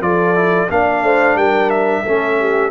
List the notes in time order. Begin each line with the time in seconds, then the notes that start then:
0.00 F3 F4 A4 D5
0.35 E4
0.70 A#3 D4 D5 F5
1.03 A3 C5
1.35 G3 A#4 G5
1.70 E5
2.02 A3 C#4 A4
2.39 G4